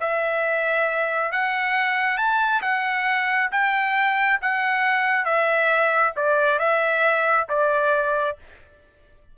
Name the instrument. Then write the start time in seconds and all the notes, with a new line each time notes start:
trumpet
0.00 E5
1.31 F#5
2.17 A5
2.61 F#5
3.51 G5
4.41 F#5
5.25 E5
6.16 D5
6.59 E5
7.49 D5